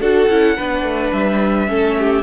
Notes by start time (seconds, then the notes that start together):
0.00 D4 F#4 A4 F#5
0.28 C#4 E4
0.57 B3 D4 B4
0.83 A3
1.13 G3 E5
1.68 A3 C#4 A4
1.98 G4